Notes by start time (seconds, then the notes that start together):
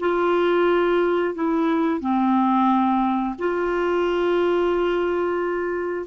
0.00 F4
1.35 E4
2.00 C4
3.39 F4